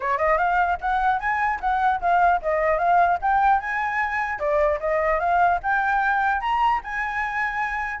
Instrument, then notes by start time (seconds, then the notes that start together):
flute
0.00 C#5
0.18 D#5
0.38 F5
0.80 F#5
1.19 G#5
1.60 F#5
2.00 F5
2.42 D#5
2.78 F5
3.21 G5
3.60 G#5
4.39 D5
4.79 D#5
5.19 F5
5.62 G5
6.40 A#5
6.83 G#5